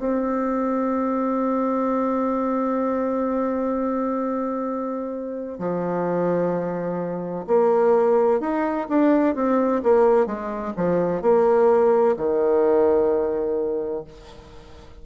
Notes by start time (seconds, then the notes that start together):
0.00 C4
5.59 F3
7.47 A#3
8.40 D#4
8.89 D4
9.35 C4
9.84 A#3
10.27 G#3
10.77 F3
11.22 A#3
12.17 D#3